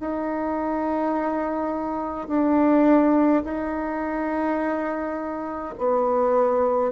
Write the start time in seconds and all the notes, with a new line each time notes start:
0.00 D#4
2.28 D4
3.44 D#4
5.78 B3